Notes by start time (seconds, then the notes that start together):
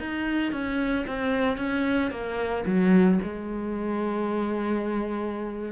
0.00 D#4
0.52 C#4
1.07 C4
1.58 C#4
2.11 A#3
2.66 F#3
3.23 G#3